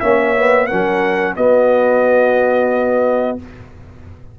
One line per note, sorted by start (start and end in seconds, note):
0.00 0.70 A#3
0.00 0.35 C#4
0.00 0.67 C#5
0.00 0.67 E5
0.36 0.70 B3
0.67 1.37 F#3
0.67 1.37 C#4
0.67 1.35 A#4
0.67 1.34 F#5
1.36 3.39 B3
1.36 3.39 F#4
1.36 3.38 D#5